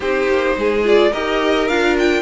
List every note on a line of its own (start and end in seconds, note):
0.00 0.27 C4
0.00 0.84 D#4
0.00 0.55 G4
0.00 0.85 C5
0.27 0.55 A#3
0.56 1.12 G#3
0.56 1.11 G#4
0.84 1.12 F4
0.84 1.12 D5
1.11 1.68 D#4
1.11 1.69 G4
1.11 2.21 A#4
1.11 1.68 D#5
1.68 2.21 D4
1.68 2.21 F4
1.68 1.96 F5
1.98 2.21 G5